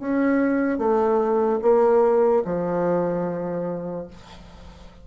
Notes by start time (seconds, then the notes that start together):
0.00 C#4
0.79 A3
1.63 A#3
2.45 F3